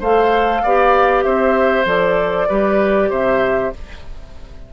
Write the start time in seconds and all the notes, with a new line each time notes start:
0.00 A3 A4 C5 F5
0.63 B3 G4 D5
1.23 C4 C5 E5
1.85 F3 A4 D5
2.48 G3 G4 B4
3.09 C3 C5 E5